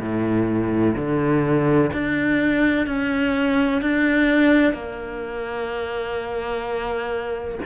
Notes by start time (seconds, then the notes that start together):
0.00 A2
0.96 D3
1.93 D4
2.86 C#4
3.81 D4
4.73 A#3